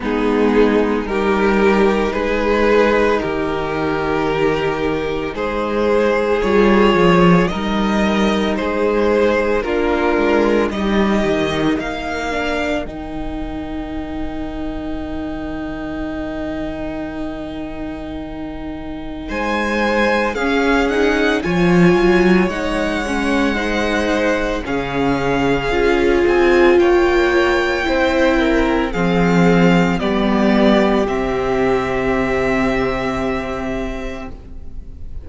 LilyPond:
<<
  \new Staff \with { instrumentName = "violin" } { \time 4/4 \tempo 4 = 56 gis'4 ais'4 b'4 ais'4~ | ais'4 c''4 cis''4 dis''4 | c''4 ais'4 dis''4 f''4 | g''1~ |
g''2 gis''4 f''8 fis''8 | gis''4 fis''2 f''4~ | f''8 gis''8 g''2 f''4 | d''4 e''2. | }
  \new Staff \with { instrumentName = "violin" } { \time 4/4 dis'4 g'4 gis'4 g'4~ | g'4 gis'2 ais'4 | gis'4 f'4 g'4 ais'4~ | ais'1~ |
ais'2 c''4 gis'4 | cis''2 c''4 gis'4~ | gis'4 cis''4 c''8 ais'8 gis'4 | g'1 | }
  \new Staff \with { instrumentName = "viola" } { \time 4/4 b4 dis'2.~ | dis'2 f'4 dis'4~ | dis'4 d'4 dis'4. d'8 | dis'1~ |
dis'2. cis'8 dis'8 | f'4 dis'8 cis'8 dis'4 cis'4 | f'2 e'4 c'4 | b4 c'2. | }
  \new Staff \with { instrumentName = "cello" } { \time 4/4 gis4 g4 gis4 dis4~ | dis4 gis4 g8 f8 g4 | gis4 ais8 gis8 g8 dis8 ais4 | dis1~ |
dis2 gis4 cis'4 | f8 fis8 gis2 cis4 | cis'8 c'8 ais4 c'4 f4 | g4 c2. | }
>>